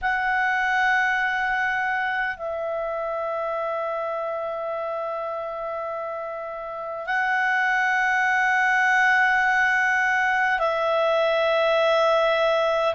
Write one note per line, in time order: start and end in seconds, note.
0.01 2.36 F#5
2.36 7.06 E5
7.06 10.59 F#5
10.59 12.94 E5